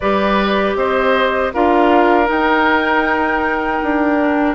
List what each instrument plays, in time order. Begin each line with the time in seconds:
0.00 bassoon G3, clarinet G4, oboe B4, flute D5
0.75 bassoon C4, oboe C5, flute D#5
1.53 bassoon D4, clarinet F4, oboe A#4, flute F5
2.25 clarinet D#4, bassoon D#4, flute G5
3.81 bassoon D4
4.18 clarinet D4